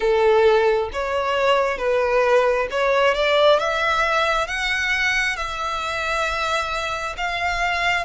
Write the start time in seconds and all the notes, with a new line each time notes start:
0.00 A4
0.92 C#5
1.78 B4
2.71 C#5
3.14 D5
3.59 E5
4.47 F#5
5.36 E5
7.17 F5